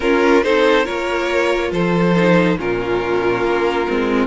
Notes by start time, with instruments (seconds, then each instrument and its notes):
0.00 viola C#4, cello C#4, violin F4 A#4
0.43 cello C4, viola D#4, violin A4 C5
0.84 cello A#3, viola F4, violin A#4 C#5
1.72 cello F3, violin A4 C5
2.15 viola D#4
2.57 cello A#2, viola C#4, violin F4 A#4
3.43 cello A#3
3.88 cello G#3, viola C4